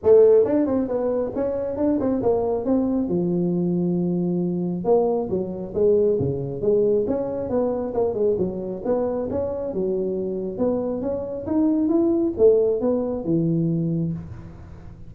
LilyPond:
\new Staff \with { instrumentName = "tuba" } { \time 4/4 \tempo 4 = 136 a4 d'8 c'8 b4 cis'4 | d'8 c'8 ais4 c'4 f4~ | f2. ais4 | fis4 gis4 cis4 gis4 |
cis'4 b4 ais8 gis8 fis4 | b4 cis'4 fis2 | b4 cis'4 dis'4 e'4 | a4 b4 e2 | }